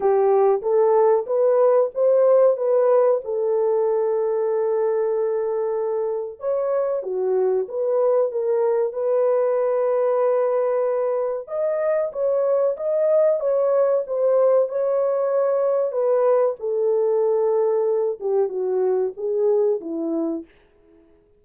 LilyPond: \new Staff \with { instrumentName = "horn" } { \time 4/4 \tempo 4 = 94 g'4 a'4 b'4 c''4 | b'4 a'2.~ | a'2 cis''4 fis'4 | b'4 ais'4 b'2~ |
b'2 dis''4 cis''4 | dis''4 cis''4 c''4 cis''4~ | cis''4 b'4 a'2~ | a'8 g'8 fis'4 gis'4 e'4 | }